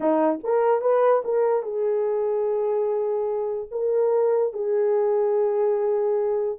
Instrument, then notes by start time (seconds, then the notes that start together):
horn
0.00 D#4
0.43 A#4
0.81 B4
1.24 A#4
1.62 G#4
3.71 A#4
4.53 G#4